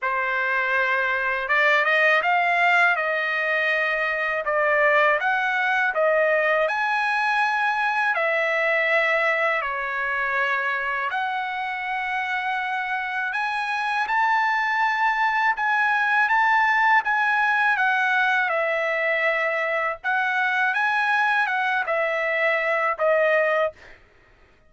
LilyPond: \new Staff \with { instrumentName = "trumpet" } { \time 4/4 \tempo 4 = 81 c''2 d''8 dis''8 f''4 | dis''2 d''4 fis''4 | dis''4 gis''2 e''4~ | e''4 cis''2 fis''4~ |
fis''2 gis''4 a''4~ | a''4 gis''4 a''4 gis''4 | fis''4 e''2 fis''4 | gis''4 fis''8 e''4. dis''4 | }